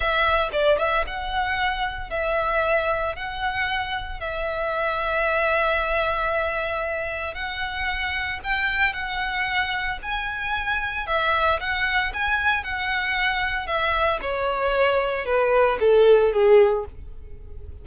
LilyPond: \new Staff \with { instrumentName = "violin" } { \time 4/4 \tempo 4 = 114 e''4 d''8 e''8 fis''2 | e''2 fis''2 | e''1~ | e''2 fis''2 |
g''4 fis''2 gis''4~ | gis''4 e''4 fis''4 gis''4 | fis''2 e''4 cis''4~ | cis''4 b'4 a'4 gis'4 | }